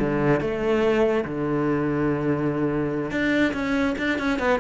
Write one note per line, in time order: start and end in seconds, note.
0.00 0.41 D3
0.41 1.25 A3
1.25 3.11 D3
3.11 3.53 D4
3.54 3.96 C#4
3.99 4.19 D4
4.19 4.40 C#4
4.40 4.60 B3